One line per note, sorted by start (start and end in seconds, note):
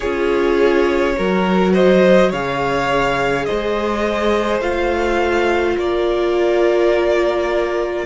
0.00 1.18 C#4
0.00 1.16 F4
0.00 1.15 G#4
0.00 1.70 C#5
1.16 2.32 F#3
1.16 2.31 F#4
1.16 1.73 A#4
1.73 2.30 C5
1.73 2.31 D#5
2.30 3.47 C#3
2.30 4.61 G#4
2.30 3.45 C#5
2.30 3.45 F5
3.45 4.60 G#3
3.45 5.76 C5
3.45 4.60 D#5
4.60 5.76 A3
4.60 8.05 F4
4.60 5.76 F5
5.76 8.05 A#3
5.76 8.05 A#4
5.76 8.05 D5